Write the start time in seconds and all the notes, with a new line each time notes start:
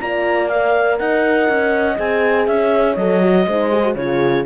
0.00 A#3 F4 D5 A#5
0.48 A#4 F5
0.98 D#4 D#5 F#5
1.49 C#4
1.96 C4 G#4 G#5
2.47 C#4 C#5 E5
2.95 F#3 A4 D#5
3.22 F#4
3.47 G#3 D#4 C5
3.72 G#4
3.83 F#4
3.95 C#3 F4 G#4 C#5